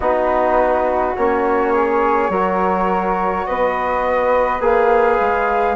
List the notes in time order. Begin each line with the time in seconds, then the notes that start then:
0.00 B3 D#4 F#4 B4
1.16 A#3 C#4 C#5
1.72 G#4
2.29 F#3 F#4 A#4
3.46 B3 B4 D#5
4.60 A#3 G#4 F5
5.19 G#3